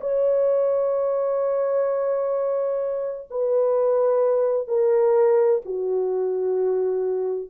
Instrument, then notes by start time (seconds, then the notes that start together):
horn
0.00 C#5
3.30 B4
4.67 A#4
5.65 F#4